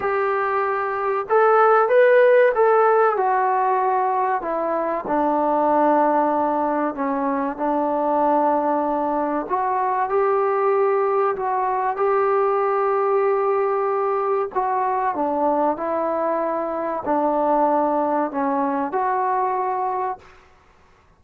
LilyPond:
\new Staff \with { instrumentName = "trombone" } { \time 4/4 \tempo 4 = 95 g'2 a'4 b'4 | a'4 fis'2 e'4 | d'2. cis'4 | d'2. fis'4 |
g'2 fis'4 g'4~ | g'2. fis'4 | d'4 e'2 d'4~ | d'4 cis'4 fis'2 | }